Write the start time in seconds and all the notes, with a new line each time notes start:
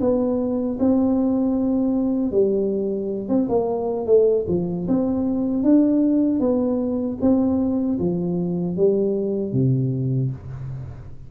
0.00 B3
0.79 C4
2.31 G3
3.29 C4
3.49 A#3
4.06 A3
4.48 F3
4.87 C4
5.63 D4
6.40 B3
7.21 C4
7.99 F3
8.76 G3
9.52 C3